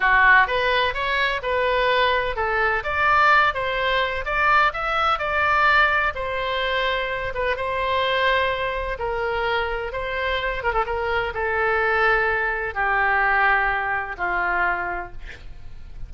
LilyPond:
\new Staff \with { instrumentName = "oboe" } { \time 4/4 \tempo 4 = 127 fis'4 b'4 cis''4 b'4~ | b'4 a'4 d''4. c''8~ | c''4 d''4 e''4 d''4~ | d''4 c''2~ c''8 b'8 |
c''2. ais'4~ | ais'4 c''4. ais'16 a'16 ais'4 | a'2. g'4~ | g'2 f'2 | }